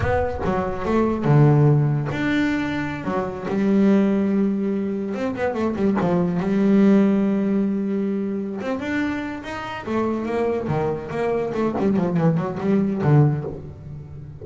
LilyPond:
\new Staff \with { instrumentName = "double bass" } { \time 4/4 \tempo 4 = 143 b4 fis4 a4 d4~ | d4 d'2~ d'16 fis8.~ | fis16 g2.~ g8.~ | g16 c'8 b8 a8 g8 f4 g8.~ |
g1~ | g8 c'8 d'4. dis'4 a8~ | a8 ais4 dis4 ais4 a8 | g8 f8 e8 fis8 g4 d4 | }